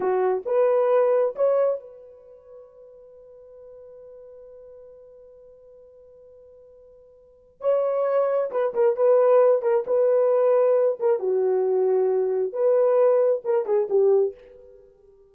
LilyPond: \new Staff \with { instrumentName = "horn" } { \time 4/4 \tempo 4 = 134 fis'4 b'2 cis''4 | b'1~ | b'1~ | b'1~ |
b'4 cis''2 b'8 ais'8 | b'4. ais'8 b'2~ | b'8 ais'8 fis'2. | b'2 ais'8 gis'8 g'4 | }